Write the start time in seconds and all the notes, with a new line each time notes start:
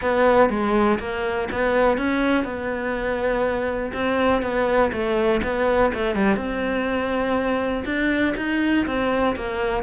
0.01 B3
0.49 G#3
0.99 A#3
1.51 B3
1.97 C#4
2.44 B3
3.93 C4
4.42 B3
4.92 A3
5.43 B3
5.93 A3
6.15 G3
6.36 C4
7.85 D4
8.36 D#4
8.86 C4
9.36 A#3